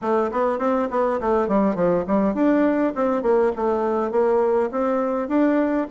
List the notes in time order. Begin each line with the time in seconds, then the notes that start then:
0.01 A3
0.31 B3
0.59 C4
0.90 B3
1.20 A3
1.48 G3
1.75 F3
2.07 G3
2.34 D4
2.95 C4
3.22 A#3
3.56 A3
4.11 A#3
4.71 C4
5.28 D4